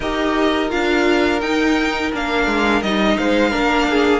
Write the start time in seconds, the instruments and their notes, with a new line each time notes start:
0.00 cello D#4, viola G4, violin A#4 D#5
0.69 cello D4, viola F4, violin F5
1.41 cello D#4, viola D#4, violin G5
2.12 cello A#3, viola D4, violin F5
2.46 cello G#3
2.82 cello G3, viola D#4, violin D#5
3.17 cello G#3, violin C5 F5
3.50 cello A#3, viola D4, violin A#4
3.90 violin G#4